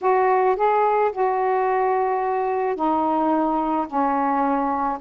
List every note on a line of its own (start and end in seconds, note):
0.01 0.56 F#4
0.56 1.11 G#4
1.12 2.75 F#4
2.75 3.86 D#4
3.87 4.98 C#4